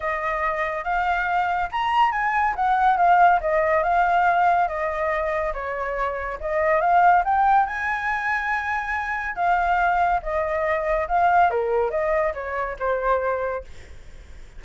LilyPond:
\new Staff \with { instrumentName = "flute" } { \time 4/4 \tempo 4 = 141 dis''2 f''2 | ais''4 gis''4 fis''4 f''4 | dis''4 f''2 dis''4~ | dis''4 cis''2 dis''4 |
f''4 g''4 gis''2~ | gis''2 f''2 | dis''2 f''4 ais'4 | dis''4 cis''4 c''2 | }